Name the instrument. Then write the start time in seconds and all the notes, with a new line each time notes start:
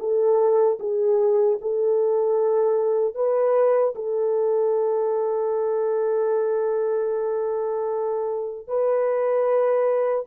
horn
0.00 A4
0.80 G#4
1.62 A4
3.15 B4
3.95 A4
8.68 B4